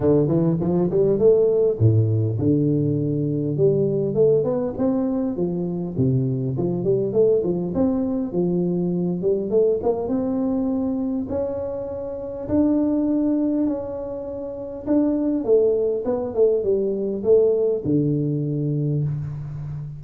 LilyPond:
\new Staff \with { instrumentName = "tuba" } { \time 4/4 \tempo 4 = 101 d8 e8 f8 g8 a4 a,4 | d2 g4 a8 b8 | c'4 f4 c4 f8 g8 | a8 f8 c'4 f4. g8 |
a8 ais8 c'2 cis'4~ | cis'4 d'2 cis'4~ | cis'4 d'4 a4 b8 a8 | g4 a4 d2 | }